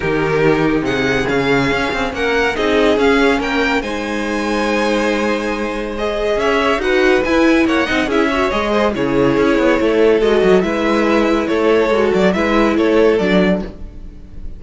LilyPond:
<<
  \new Staff \with { instrumentName = "violin" } { \time 4/4 \tempo 4 = 141 ais'2 fis''4 f''4~ | f''4 fis''4 dis''4 f''4 | g''4 gis''2.~ | gis''2 dis''4 e''4 |
fis''4 gis''4 fis''4 e''4 | dis''4 cis''2. | dis''4 e''2 cis''4~ | cis''8 d''8 e''4 cis''4 d''4 | }
  \new Staff \with { instrumentName = "violin" } { \time 4/4 g'2 gis'2~ | gis'4 ais'4 gis'2 | ais'4 c''2.~ | c''2. cis''4 |
b'2 cis''8 dis''8 gis'8 cis''8~ | cis''8 c''8 gis'2 a'4~ | a'4 b'2 a'4~ | a'4 b'4 a'2 | }
  \new Staff \with { instrumentName = "viola" } { \time 4/4 dis'2. cis'4~ | cis'2 dis'4 cis'4~ | cis'4 dis'2.~ | dis'2 gis'2 |
fis'4 e'4. dis'8 e'8 fis'8 | gis'4 e'2. | fis'4 e'2. | fis'4 e'2 d'4 | }
  \new Staff \with { instrumentName = "cello" } { \time 4/4 dis2 c4 cis4 | cis'8 c'8 ais4 c'4 cis'4 | ais4 gis2.~ | gis2. cis'4 |
dis'4 e'4 ais8 c'8 cis'4 | gis4 cis4 cis'8 b8 a4 | gis8 fis8 gis2 a4 | gis8 fis8 gis4 a4 fis4 | }
>>